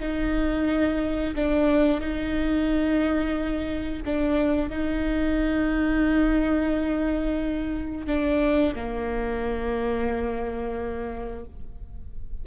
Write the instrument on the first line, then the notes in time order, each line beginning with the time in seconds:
viola
0.00 D#4
1.35 D4
2.01 D#4
4.06 D4
4.70 D#4
8.07 D4
8.75 A#3